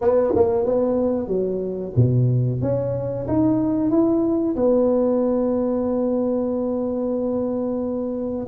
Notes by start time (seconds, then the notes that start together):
0.01 B3
0.35 A#3
0.65 B3
1.27 F#3
1.96 B2
2.61 C#4
3.27 D#4
3.90 E4
4.55 B3